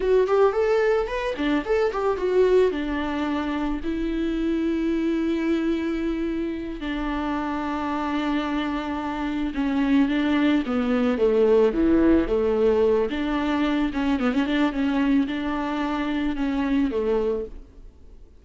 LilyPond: \new Staff \with { instrumentName = "viola" } { \time 4/4 \tempo 4 = 110 fis'8 g'8 a'4 b'8 d'8 a'8 g'8 | fis'4 d'2 e'4~ | e'1~ | e'8 d'2.~ d'8~ |
d'4. cis'4 d'4 b8~ | b8 a4 e4 a4. | d'4. cis'8 b16 cis'16 d'8 cis'4 | d'2 cis'4 a4 | }